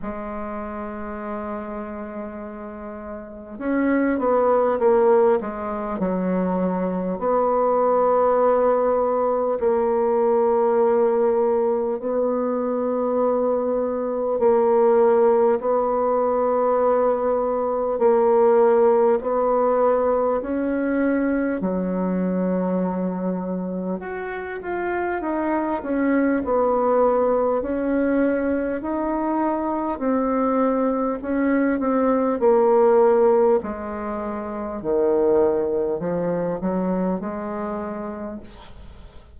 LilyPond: \new Staff \with { instrumentName = "bassoon" } { \time 4/4 \tempo 4 = 50 gis2. cis'8 b8 | ais8 gis8 fis4 b2 | ais2 b2 | ais4 b2 ais4 |
b4 cis'4 fis2 | fis'8 f'8 dis'8 cis'8 b4 cis'4 | dis'4 c'4 cis'8 c'8 ais4 | gis4 dis4 f8 fis8 gis4 | }